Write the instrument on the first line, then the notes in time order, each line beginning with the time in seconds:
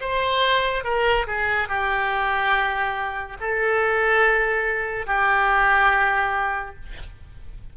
oboe
0.00 C5
0.84 A#4
1.27 G#4
1.68 G4
3.40 A4
5.06 G4